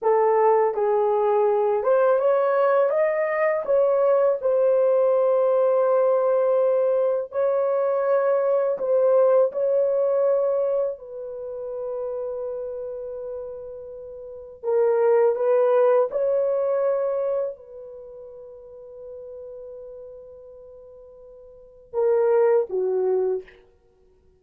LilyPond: \new Staff \with { instrumentName = "horn" } { \time 4/4 \tempo 4 = 82 a'4 gis'4. c''8 cis''4 | dis''4 cis''4 c''2~ | c''2 cis''2 | c''4 cis''2 b'4~ |
b'1 | ais'4 b'4 cis''2 | b'1~ | b'2 ais'4 fis'4 | }